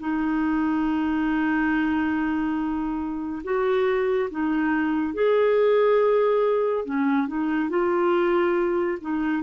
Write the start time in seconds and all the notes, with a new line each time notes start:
0.00 D#4
3.44 F#4
4.31 D#4
5.14 G#4
6.85 C#4
7.28 D#4
7.70 F4
9.01 D#4